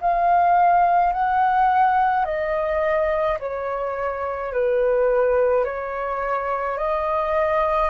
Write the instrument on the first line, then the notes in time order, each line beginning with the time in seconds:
flute
0.00 F5
1.12 F#5
2.25 D#5
3.39 C#5
4.52 B4
5.64 C#5
6.77 D#5